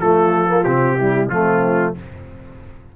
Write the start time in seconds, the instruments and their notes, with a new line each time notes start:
0.00 tuba F3, trombone A3, horn F4, trumpet A4
0.48 trombone A#3
0.64 tuba C3, trombone C4, trumpet G4
0.97 trombone G3, horn E4
1.28 tuba F3, trombone A3, horn C4, trumpet F4